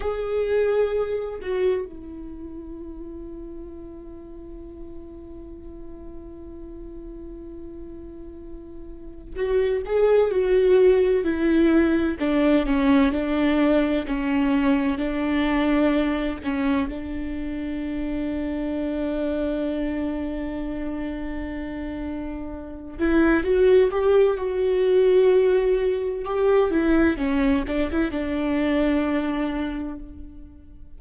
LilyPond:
\new Staff \with { instrumentName = "viola" } { \time 4/4 \tempo 4 = 64 gis'4. fis'8 e'2~ | e'1~ | e'2 fis'8 gis'8 fis'4 | e'4 d'8 cis'8 d'4 cis'4 |
d'4. cis'8 d'2~ | d'1~ | d'8 e'8 fis'8 g'8 fis'2 | g'8 e'8 cis'8 d'16 e'16 d'2 | }